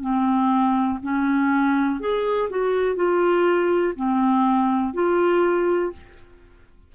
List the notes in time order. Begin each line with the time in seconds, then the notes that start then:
0.00 C4
1.02 C#4
1.99 G#4
2.49 F#4
2.95 F4
3.95 C4
4.93 F4